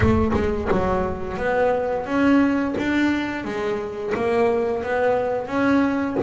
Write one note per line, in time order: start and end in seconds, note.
0.00 0.32 A3
0.33 0.68 G#3
0.71 1.37 F#3
1.37 2.06 B3
2.06 2.75 C#4
2.78 3.44 D4
3.44 4.13 G#3
4.14 4.83 A#3
4.83 5.47 B3
5.47 6.16 C#4